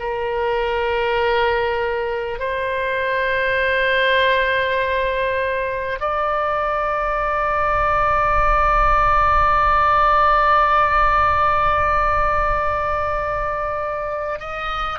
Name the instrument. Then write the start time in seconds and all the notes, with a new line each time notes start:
oboe
0.00 A#4
2.39 C5
6.01 D5
14.40 D#5